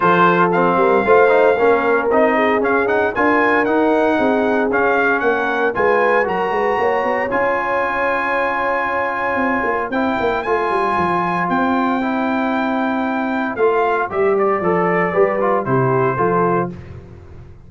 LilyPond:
<<
  \new Staff \with { instrumentName = "trumpet" } { \time 4/4 \tempo 4 = 115 c''4 f''2. | dis''4 f''8 fis''8 gis''4 fis''4~ | fis''4 f''4 fis''4 gis''4 | ais''2 gis''2~ |
gis''2. g''4 | gis''2 g''2~ | g''2 f''4 e''8 d''8~ | d''2 c''2 | }
  \new Staff \with { instrumentName = "horn" } { \time 4/4 a'4. ais'8 c''4 ais'4~ | ais'8 gis'4. ais'2 | gis'2 ais'4 b'4 | ais'8 b'8 cis''2.~ |
cis''2. c''4~ | c''1~ | c''1~ | c''4 b'4 g'4 a'4 | }
  \new Staff \with { instrumentName = "trombone" } { \time 4/4 f'4 c'4 f'8 dis'8 cis'4 | dis'4 cis'8 dis'8 f'4 dis'4~ | dis'4 cis'2 f'4 | fis'2 f'2~ |
f'2. e'4 | f'2. e'4~ | e'2 f'4 g'4 | a'4 g'8 f'8 e'4 f'4 | }
  \new Staff \with { instrumentName = "tuba" } { \time 4/4 f4. g8 a4 ais4 | c'4 cis'4 d'4 dis'4 | c'4 cis'4 ais4 gis4 | fis8 gis8 ais8 b8 cis'2~ |
cis'2 c'8 ais8 c'8 ais8 | a8 g8 f4 c'2~ | c'2 a4 g4 | f4 g4 c4 f4 | }
>>